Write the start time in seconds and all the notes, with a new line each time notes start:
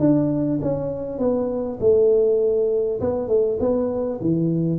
0.00 D4
0.62 C#4
1.19 B3
1.81 A3
3.01 B3
3.29 A3
3.60 B3
4.21 E3